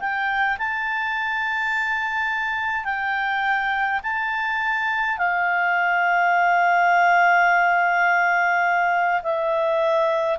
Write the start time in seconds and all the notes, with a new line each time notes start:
0.00 G5
0.59 A5
2.85 G5
4.03 A5
5.18 F5
9.23 E5